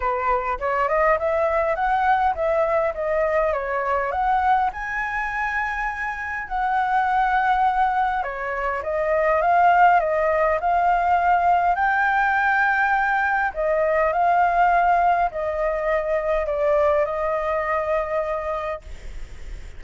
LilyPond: \new Staff \with { instrumentName = "flute" } { \time 4/4 \tempo 4 = 102 b'4 cis''8 dis''8 e''4 fis''4 | e''4 dis''4 cis''4 fis''4 | gis''2. fis''4~ | fis''2 cis''4 dis''4 |
f''4 dis''4 f''2 | g''2. dis''4 | f''2 dis''2 | d''4 dis''2. | }